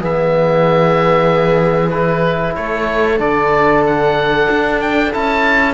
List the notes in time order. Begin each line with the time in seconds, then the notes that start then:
0.00 E3 B3 G#4 E5
1.90 E4 B4
2.56 A3 A4 C#5
3.18 D3 D4 D5
3.87 F#5
4.51 D4
4.81 G5
5.13 C#4 E4 A5